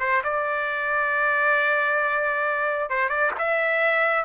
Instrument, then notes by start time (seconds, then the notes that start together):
trumpet
0.00 C5
0.24 D5
2.90 C5
3.09 D5
3.38 E5